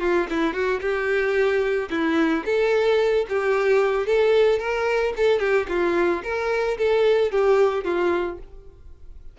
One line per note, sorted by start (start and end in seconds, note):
0.00 0.27 F4
0.30 0.53 E4
0.53 0.80 F#4
0.81 1.89 G4
1.90 2.44 E4
2.45 3.27 A4
3.29 4.07 G4
4.07 4.59 A4
4.59 5.14 A#4
5.17 5.40 A4
5.40 5.67 G4
5.69 6.23 F4
6.23 6.77 A#4
6.78 7.31 A4
7.31 7.85 G4
7.85 8.39 F4